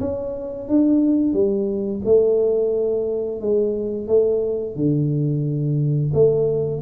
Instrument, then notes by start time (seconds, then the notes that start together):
tuba
0.00 C#4
0.68 D4
1.33 G3
2.05 A3
3.41 G#3
4.08 A3
4.76 D3
6.13 A3